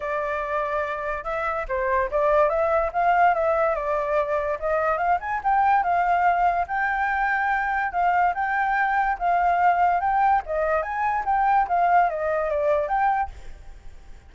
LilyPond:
\new Staff \with { instrumentName = "flute" } { \time 4/4 \tempo 4 = 144 d''2. e''4 | c''4 d''4 e''4 f''4 | e''4 d''2 dis''4 | f''8 gis''8 g''4 f''2 |
g''2. f''4 | g''2 f''2 | g''4 dis''4 gis''4 g''4 | f''4 dis''4 d''4 g''4 | }